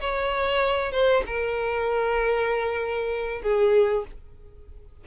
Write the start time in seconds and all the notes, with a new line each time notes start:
0.00 C#5
0.91 C5
1.26 A#4
3.41 G#4